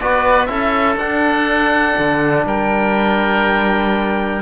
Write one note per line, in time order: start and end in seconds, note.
0.00 0.48 B3
0.00 0.48 F#4
0.00 0.49 B4
0.00 0.45 D5
0.45 0.96 C#4
0.45 0.97 E4
0.45 2.46 A4
0.45 0.95 E5
0.96 1.94 D4
0.96 4.42 D4
0.96 2.46 F#5
1.98 2.45 D3
2.45 4.42 G3
2.45 4.42 A#4
2.45 4.42 G5